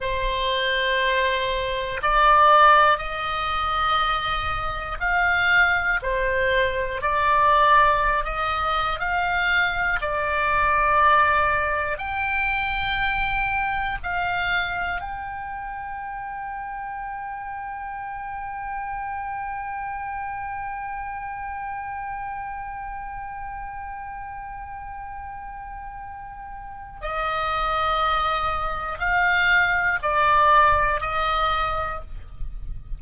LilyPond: \new Staff \with { instrumentName = "oboe" } { \time 4/4 \tempo 4 = 60 c''2 d''4 dis''4~ | dis''4 f''4 c''4 d''4~ | d''16 dis''8. f''4 d''2 | g''2 f''4 g''4~ |
g''1~ | g''1~ | g''2. dis''4~ | dis''4 f''4 d''4 dis''4 | }